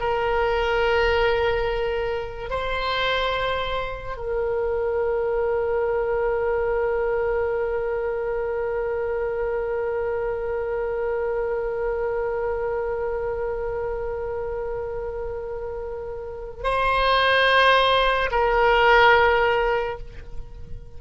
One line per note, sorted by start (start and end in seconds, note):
0.00 2.50 A#4
2.50 4.16 C5
4.16 16.63 A#4
16.63 18.30 C5
18.31 19.98 A#4